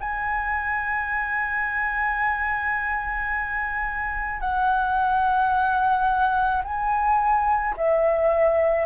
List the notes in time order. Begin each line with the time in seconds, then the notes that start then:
0.00 G#5
4.41 F#5
6.64 G#5
7.77 E5